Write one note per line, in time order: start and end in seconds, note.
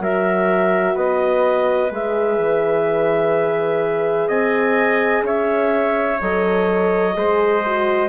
0.00 0.95 F#3
0.00 1.91 F#4
0.00 0.95 A#4
0.00 0.97 E5
0.95 1.91 B3
0.95 4.28 B4
0.95 1.92 D#5
1.91 2.38 G#3
1.91 6.21 G#4
1.91 4.29 E5
2.38 4.28 E3
4.28 5.22 C4
4.28 5.23 D#5
4.28 5.25 G#5
5.22 6.17 C#4
5.22 7.17 C#5
5.22 6.21 E5
6.21 7.16 F#3
6.21 7.14 A4
6.21 8.09 D#5
7.14 8.09 G#3
7.14 7.62 G#4
7.14 8.09 C5
7.66 8.09 F#4